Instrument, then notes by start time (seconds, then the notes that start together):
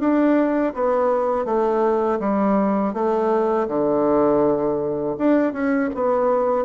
bassoon
0.00 D4
0.74 B3
1.45 A3
2.20 G3
2.94 A3
3.68 D3
5.18 D4
5.53 C#4
5.95 B3